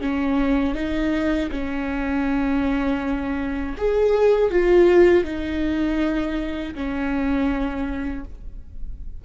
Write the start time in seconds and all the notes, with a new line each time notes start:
0.00 C#4
0.74 D#4
1.51 C#4
3.77 G#4
4.50 F4
5.24 D#4
6.74 C#4